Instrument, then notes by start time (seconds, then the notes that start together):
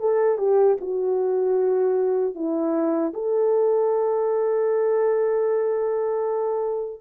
horn
0.00 A4
0.38 G4
0.81 F#4
2.35 E4
3.14 A4